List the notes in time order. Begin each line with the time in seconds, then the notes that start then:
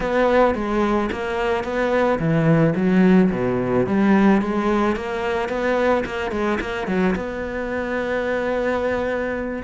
0.00 B3
0.55 G#3
1.11 A#3
1.64 B3
2.19 E3
2.75 F#3
3.31 B2
3.86 G3
4.41 G#3
4.95 A#3
5.48 B3
6.05 A#3
6.31 G#3
6.60 A#3
6.87 F#3
7.15 B3